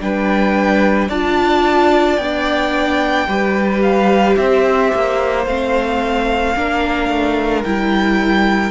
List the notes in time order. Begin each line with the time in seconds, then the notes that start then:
0.00 G3 D4 B4 G5
1.08 D4 F4 D5 A5
2.17 B3 D4 G5
3.27 G3 G4 B4
3.82 F5
4.37 C4 C5 E5
4.95 A#3
5.46 A3 C4 F5
6.56 A#3 D4 A#4
7.09 A3
7.63 G3 E4 G5